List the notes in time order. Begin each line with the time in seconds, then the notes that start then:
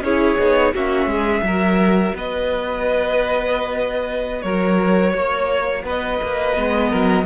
0.00 C#4 E4 G#4 C#5
0.38 B3 D#4
0.74 A#3 C#4 F#4 E5
1.05 G#3 G#4
1.42 F#3 F#4 A#4
2.14 B3 B4 D#5
4.41 F#3 A#4 C#5
5.12 A#3 C#5
5.83 B3 B4 D#5
6.22 A#3
6.55 G#3 B3
6.89 F#3 A#4